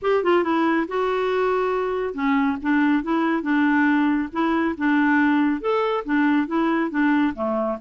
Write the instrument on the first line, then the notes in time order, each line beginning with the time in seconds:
clarinet
0.02 G4
0.23 F4
0.43 E4
0.88 F#4
2.14 C#4
2.61 D4
3.03 E4
3.42 D4
4.32 E4
4.77 D4
5.60 A4
6.04 D4
6.47 E4
6.90 D4
7.34 A3